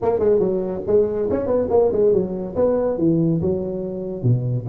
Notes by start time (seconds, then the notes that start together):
0.01 A#3
0.19 G#3
0.39 F#3
0.86 G#3
1.30 C#4
1.46 B3
1.70 A#3
1.92 G#3
2.12 F#3
2.55 B3
2.98 E3
3.41 F#3
4.22 B2